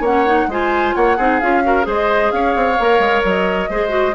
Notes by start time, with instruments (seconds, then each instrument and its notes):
0.00 bassoon A#3, clarinet C#4, oboe C#5, flute F#5
0.26 clarinet D#4
0.47 bassoon G#3, clarinet F4, oboe C5, flute G#5
0.95 bassoon A#3, oboe C#5, flute F#5
1.17 bassoon C4, clarinet D#4, oboe G#4
1.40 bassoon C#4, clarinet F4, flute F5
1.64 clarinet F#4, oboe A#4
1.83 bassoon G#3, clarinet G#4, oboe C5, flute D#5
2.31 bassoon C#4, oboe C#5, flute F5
2.55 bassoon C4
2.78 bassoon A#3, clarinet A#4
2.99 bassoon G#3
3.24 bassoon F#3, flute D#5
3.69 bassoon G#3, clarinet G#4, oboe C5
3.89 clarinet F#4